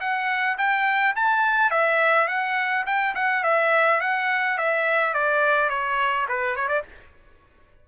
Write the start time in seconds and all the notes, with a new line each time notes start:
0.00 F#5
0.58 G5
1.16 A5
1.71 E5
2.28 F#5
2.86 G5
3.15 F#5
3.44 E5
4.01 F#5
4.58 E5
5.14 D5
5.69 C#5
6.29 B4
6.56 C#5
6.68 D5